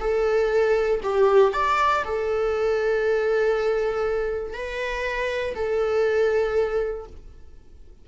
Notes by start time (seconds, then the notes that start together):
0.00 A4
1.03 G4
1.53 D5
2.04 A4
4.54 B4
5.55 A4